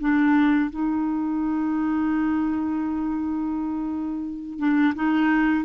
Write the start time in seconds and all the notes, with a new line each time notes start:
0.00 D4
0.70 D#4
4.59 D4
4.95 D#4